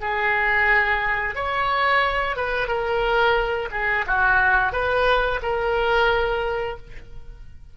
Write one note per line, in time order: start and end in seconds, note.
0.00 1.35 G#4
1.35 2.36 C#5
2.36 2.68 B4
2.68 3.69 A#4
3.71 4.05 G#4
4.06 4.72 F#4
4.72 5.40 B4
5.42 6.77 A#4